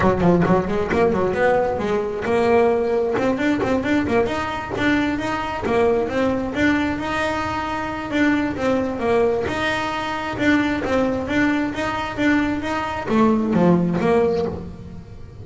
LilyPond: \new Staff \with { instrumentName = "double bass" } { \time 4/4 \tempo 4 = 133 fis8 f8 fis8 gis8 ais8 fis8 b4 | gis4 ais2 c'8 d'8 | c'8 d'8 ais8 dis'4 d'4 dis'8~ | dis'8 ais4 c'4 d'4 dis'8~ |
dis'2 d'4 c'4 | ais4 dis'2 d'4 | c'4 d'4 dis'4 d'4 | dis'4 a4 f4 ais4 | }